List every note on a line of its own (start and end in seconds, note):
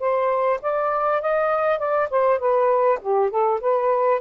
0.00 0.60 C5
0.62 1.22 D5
1.22 1.79 D#5
1.79 2.09 D5
2.11 2.39 C5
2.39 2.99 B4
3.02 3.30 G4
3.30 3.60 A4
3.61 4.21 B4